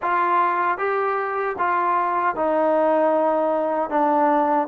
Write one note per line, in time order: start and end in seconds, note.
0.01 0.78 F4
0.78 1.55 G4
1.58 2.36 F4
2.36 3.90 D#4
3.90 4.67 D4